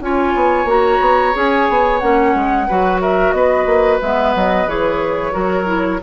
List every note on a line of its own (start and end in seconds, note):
0.00 0.33 C#4
0.00 0.66 F4
0.00 2.67 C#5
0.00 0.68 G#5
0.34 0.64 B3
0.64 0.98 A#3
0.64 1.32 F#4
0.64 1.36 A#5
1.00 1.33 B3
1.32 1.68 C#4
1.32 1.99 G#4
1.32 1.99 G#5
1.69 2.01 B3
1.99 2.34 A#3
1.99 2.67 C#4
1.99 2.99 F#5
2.34 2.67 G#3
2.67 3.32 F#3
2.67 4.01 F#4
2.67 3.00 B4
3.00 3.34 A#4
3.00 3.31 E5
3.31 3.65 B3
3.31 5.33 B4
3.31 3.98 D#5
3.65 3.99 A#3
4.01 4.35 G#3
4.01 4.67 B3
4.01 4.34 E5
4.35 4.67 F#3
4.35 4.68 D#5
4.67 5.33 E3
4.67 5.31 G#4
4.67 6.02 C#5
5.31 6.01 F#3
5.31 5.65 F#4
5.31 5.99 A#4
5.66 5.99 E4